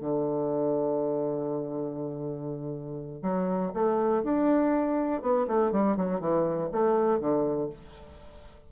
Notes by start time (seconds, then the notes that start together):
0.00 D3
3.22 F#3
3.73 A3
4.23 D4
5.22 B3
5.47 A3
5.72 G3
5.96 F#3
6.20 E3
6.71 A3
7.20 D3